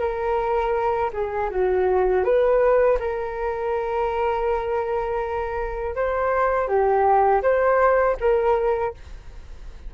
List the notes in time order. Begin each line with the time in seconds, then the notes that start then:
0.00 A#4
1.13 G#4
1.51 F#4
2.25 B4
3.00 A#4
5.96 C5
6.68 G4
7.43 C5
8.21 A#4